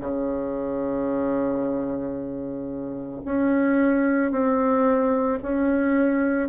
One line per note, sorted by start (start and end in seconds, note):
0.00 3.21 C#3
3.25 4.31 C#4
4.31 5.39 C4
5.43 6.49 C#4